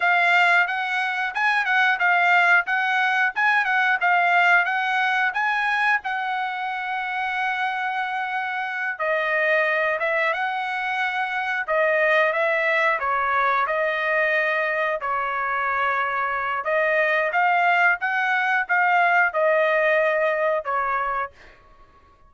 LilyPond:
\new Staff \with { instrumentName = "trumpet" } { \time 4/4 \tempo 4 = 90 f''4 fis''4 gis''8 fis''8 f''4 | fis''4 gis''8 fis''8 f''4 fis''4 | gis''4 fis''2.~ | fis''4. dis''4. e''8 fis''8~ |
fis''4. dis''4 e''4 cis''8~ | cis''8 dis''2 cis''4.~ | cis''4 dis''4 f''4 fis''4 | f''4 dis''2 cis''4 | }